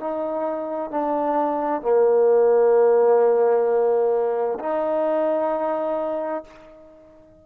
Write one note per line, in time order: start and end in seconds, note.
0.00 0.91 D#4
0.91 1.82 D4
1.82 4.59 A#3
4.60 6.44 D#4